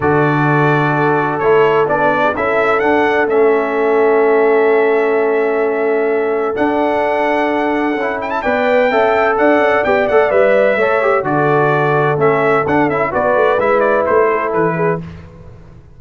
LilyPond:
<<
  \new Staff \with { instrumentName = "trumpet" } { \time 4/4 \tempo 4 = 128 d''2. cis''4 | d''4 e''4 fis''4 e''4~ | e''1~ | e''2 fis''2~ |
fis''4. g''16 a''16 g''2 | fis''4 g''8 fis''8 e''2 | d''2 e''4 fis''8 e''8 | d''4 e''8 d''8 c''4 b'4 | }
  \new Staff \with { instrumentName = "horn" } { \time 4/4 a'1~ | a'8. gis'16 a'2.~ | a'1~ | a'1~ |
a'2 d''4 e''4 | d''2. cis''4 | a'1 | b'2~ b'8 a'4 gis'8 | }
  \new Staff \with { instrumentName = "trombone" } { \time 4/4 fis'2. e'4 | d'4 e'4 d'4 cis'4~ | cis'1~ | cis'2 d'2~ |
d'4 e'4 b'4 a'4~ | a'4 g'8 a'8 b'4 a'8 g'8 | fis'2 cis'4 d'8 e'8 | fis'4 e'2. | }
  \new Staff \with { instrumentName = "tuba" } { \time 4/4 d2. a4 | b4 cis'4 d'4 a4~ | a1~ | a2 d'2~ |
d'4 cis'4 b4 cis'4 | d'8 cis'8 b8 a8 g4 a4 | d2 a4 d'8 cis'8 | b8 a8 gis4 a4 e4 | }
>>